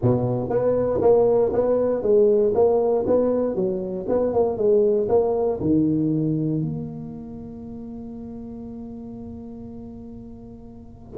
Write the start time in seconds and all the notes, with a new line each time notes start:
0.02 B2
0.49 B3
1.01 A#3
1.52 B3
2.02 G#3
2.54 A#3
3.06 B3
3.55 F#3
4.08 B3
4.33 A#3
4.57 G#3
5.08 A#3
5.60 D#3
6.61 A#3